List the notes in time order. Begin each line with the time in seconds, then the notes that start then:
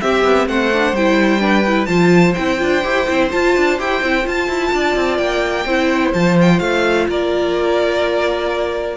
0.00 C4 G4 E5
0.24 B3
0.47 A3 C5 F#5
0.73 D4
0.92 G3 E4 G5
1.39 D4 B4
1.67 E4
1.85 F3 F4 C5 A5
2.34 C4 E4 G5
2.58 D4 F4
2.83 E4 G4
3.07 C4 E4
3.31 F4 A5
3.56 D4
3.78 E4 G4 G5
4.02 C4 E4
4.21 F4 A5
4.48 E4
4.72 D4 D5
4.95 C4
5.17 A#3 G5
5.65 C4 E4 C5
6.13 F3 F4 A5
6.41 G5
6.59 A3 F5
7.08 A#3 A#4 D5